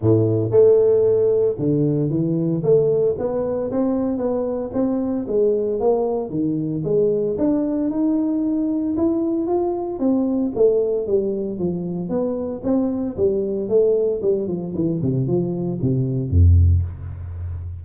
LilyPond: \new Staff \with { instrumentName = "tuba" } { \time 4/4 \tempo 4 = 114 a,4 a2 d4 | e4 a4 b4 c'4 | b4 c'4 gis4 ais4 | dis4 gis4 d'4 dis'4~ |
dis'4 e'4 f'4 c'4 | a4 g4 f4 b4 | c'4 g4 a4 g8 f8 | e8 c8 f4 c4 f,4 | }